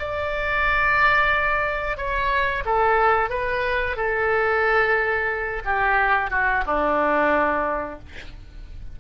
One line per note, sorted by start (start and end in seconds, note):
0.00 1.98 D5
1.98 2.64 C#5
2.65 3.30 A4
3.30 3.97 B4
3.97 5.63 A4
5.65 6.31 G4
6.31 6.64 F#4
6.66 8.00 D4